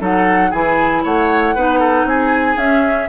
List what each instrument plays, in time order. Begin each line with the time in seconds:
0.00 bassoon F#3, clarinet D#4, oboe A4, flute F#5
0.50 bassoon E3, clarinet E4, oboe G#4, flute G#5
1.04 bassoon A3, oboe C#5, flute F#5
1.55 bassoon B3, clarinet D#4, oboe B4
1.79 oboe A4
2.04 bassoon C4, oboe G#4, flute G#5
2.56 bassoon C#4, clarinet C#4, flute E5